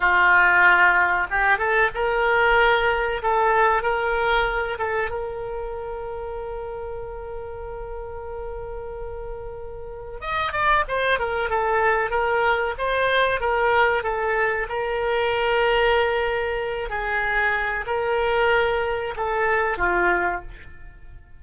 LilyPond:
\new Staff \with { instrumentName = "oboe" } { \time 4/4 \tempo 4 = 94 f'2 g'8 a'8 ais'4~ | ais'4 a'4 ais'4. a'8 | ais'1~ | ais'1 |
dis''8 d''8 c''8 ais'8 a'4 ais'4 | c''4 ais'4 a'4 ais'4~ | ais'2~ ais'8 gis'4. | ais'2 a'4 f'4 | }